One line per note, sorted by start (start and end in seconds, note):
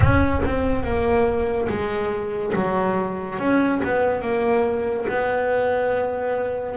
0.00 0.41 C#4
0.45 0.83 C4
0.83 1.68 A#3
1.68 2.53 G#3
2.55 3.38 F#3
3.38 3.81 C#4
3.83 4.21 B3
4.21 5.06 A#3
5.08 6.76 B3